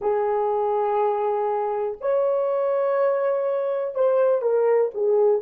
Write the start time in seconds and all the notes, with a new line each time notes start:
0.00 G#4
2.00 C#5
3.94 C5
4.41 A#4
4.94 G#4